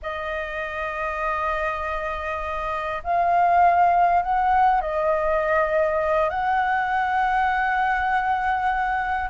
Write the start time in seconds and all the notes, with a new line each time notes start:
0.02 D#5
3.03 F5
4.22 F#5
4.81 D#5
6.29 F#5